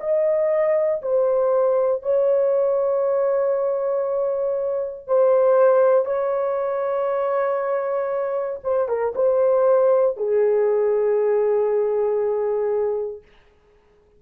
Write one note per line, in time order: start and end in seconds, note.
0.00 1.02 D#5
1.02 2.02 C5
2.02 5.07 C#5
5.07 6.05 C5
6.05 8.59 C#5
8.63 8.88 C5
8.88 9.14 A#4
9.15 10.17 C5
10.17 13.22 G#4